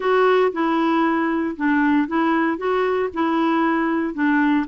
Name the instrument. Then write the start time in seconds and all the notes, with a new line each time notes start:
clarinet
0.00 F#4
0.52 E4
1.56 D4
2.07 E4
2.57 F#4
3.13 E4
4.14 D4